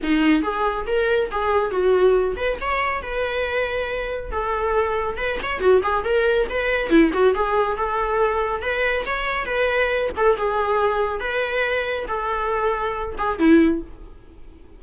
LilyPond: \new Staff \with { instrumentName = "viola" } { \time 4/4 \tempo 4 = 139 dis'4 gis'4 ais'4 gis'4 | fis'4. b'8 cis''4 b'4~ | b'2 a'2 | b'8 cis''8 fis'8 gis'8 ais'4 b'4 |
e'8 fis'8 gis'4 a'2 | b'4 cis''4 b'4. a'8 | gis'2 b'2 | a'2~ a'8 gis'8 e'4 | }